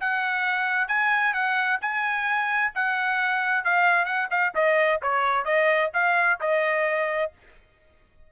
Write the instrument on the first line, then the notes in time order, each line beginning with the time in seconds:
trumpet
0.00 F#5
0.87 G#5
1.33 F#5
1.81 G#5
2.74 F#5
3.64 F5
4.05 F#5
4.30 F5
4.55 D#5
5.02 C#5
5.44 D#5
5.93 F5
6.40 D#5